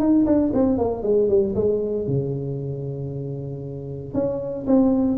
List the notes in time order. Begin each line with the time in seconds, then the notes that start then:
0.00 D#4
0.26 D4
0.54 C4
0.79 A#3
1.03 G#3
1.29 G3
1.56 G#3
2.07 C#3
4.14 C#4
4.67 C4